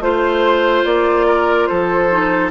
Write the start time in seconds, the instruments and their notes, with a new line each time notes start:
0.00 bassoon A3, clarinet F4, flute C5, oboe C5
0.85 bassoon A#3, flute D5
1.27 oboe A#4
1.66 bassoon F3, oboe A4, flute C5
2.10 clarinet D#4